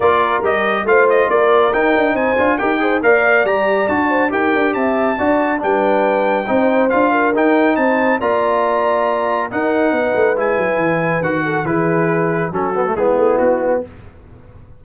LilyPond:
<<
  \new Staff \with { instrumentName = "trumpet" } { \time 4/4 \tempo 4 = 139 d''4 dis''4 f''8 dis''8 d''4 | g''4 gis''4 g''4 f''4 | ais''4 a''4 g''4 a''4~ | a''4 g''2. |
f''4 g''4 a''4 ais''4~ | ais''2 fis''2 | gis''2 fis''4 b'4~ | b'4 a'4 gis'4 fis'4 | }
  \new Staff \with { instrumentName = "horn" } { \time 4/4 ais'2 c''4 ais'4~ | ais'4 c''4 ais'8 c''8 d''4~ | d''4. c''8 ais'4 e''4 | d''4 b'2 c''4~ |
c''8 ais'4. c''4 d''4~ | d''2 ais'4 b'4~ | b'2~ b'8 a'8 gis'4~ | gis'4 fis'4 e'2 | }
  \new Staff \with { instrumentName = "trombone" } { \time 4/4 f'4 g'4 f'2 | dis'4. f'8 g'8 gis'8 ais'4 | g'4 fis'4 g'2 | fis'4 d'2 dis'4 |
f'4 dis'2 f'4~ | f'2 dis'2 | e'2 fis'4 e'4~ | e'4 cis'8 b16 a16 b2 | }
  \new Staff \with { instrumentName = "tuba" } { \time 4/4 ais4 g4 a4 ais4 | dis'8 d'8 c'8 d'8 dis'4 ais4 | g4 d'4 dis'8 d'8 c'4 | d'4 g2 c'4 |
d'4 dis'4 c'4 ais4~ | ais2 dis'4 b8 a8 | gis8 fis8 e4 dis4 e4~ | e4 fis4 gis8 a8 b4 | }
>>